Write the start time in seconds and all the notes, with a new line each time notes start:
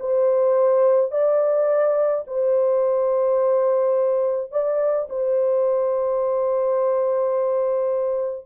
0.00 C5
1.11 D5
2.27 C5
4.52 D5
5.10 C5